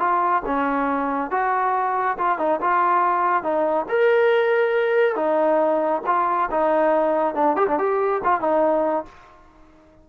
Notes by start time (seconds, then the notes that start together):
0.00 F4
0.46 C#4
1.31 F#4
2.19 F4
2.39 D#4
2.61 F4
3.44 D#4
3.89 A#4
5.16 D#4
6.07 F4
6.51 D#4
7.35 D4
7.57 G4
7.68 D4
7.79 G4
8.24 F4
8.41 D#4